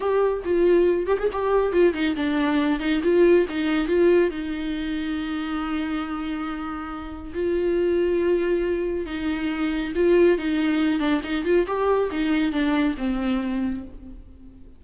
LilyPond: \new Staff \with { instrumentName = "viola" } { \time 4/4 \tempo 4 = 139 g'4 f'4. g'16 gis'16 g'4 | f'8 dis'8 d'4. dis'8 f'4 | dis'4 f'4 dis'2~ | dis'1~ |
dis'4 f'2.~ | f'4 dis'2 f'4 | dis'4. d'8 dis'8 f'8 g'4 | dis'4 d'4 c'2 | }